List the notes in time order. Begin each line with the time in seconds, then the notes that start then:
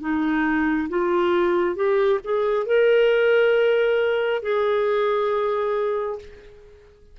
0.00 D#4
0.89 F4
1.75 G4
2.23 G#4
2.66 A#4
4.42 G#4